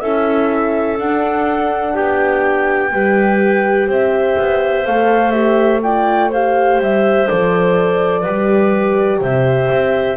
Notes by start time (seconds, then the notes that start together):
0.00 C#4 E4 A4 E5
0.98 D4 F#5
1.93 B3 G4 G5
2.92 G3 G4 B4
3.87 C4 C5 E5
4.38 B3
4.85 A3 A4 F5
5.31 G4 E5
5.82 F4 D5 G5
6.29 G4 C5 F5
6.79 G3 E5
7.27 F3 A4 D5
8.20 G3 G4 B4
9.21 C3 C5 E5
9.70 C4